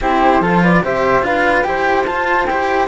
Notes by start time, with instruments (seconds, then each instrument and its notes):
0.00 cello C4 E4, flute G4 C5
0.40 cello F3 F4, flute A4
0.62 flute B4 D5
0.83 cello C3 G4, flute C5 E5
1.21 cello D4 F4, flute B4 F5
1.63 cello E4 G4, flute C5 G5
2.05 cello F4, flute A5
2.46 cello E4 G4, flute G5